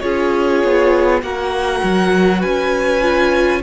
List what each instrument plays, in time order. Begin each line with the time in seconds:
0.00 cello C#4, viola F4, violin G#4 C#5
0.63 cello B3
1.22 cello A#3, viola F#4, violin A#4 F#5
1.83 cello F#3
2.40 cello C#4, violin B4 G#5
3.01 viola F4